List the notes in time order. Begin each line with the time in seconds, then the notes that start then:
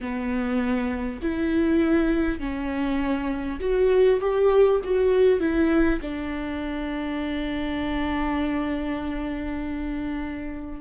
0.01 B3
1.22 E4
2.39 C#4
3.59 F#4
4.20 G4
4.83 F#4
5.40 E4
6.01 D4